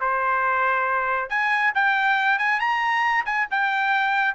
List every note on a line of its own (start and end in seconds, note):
0.00 1.29 C5
1.29 1.72 G#5
1.74 2.38 G5
2.38 2.59 G#5
2.59 3.24 A#5
3.25 3.47 G#5
3.50 4.35 G5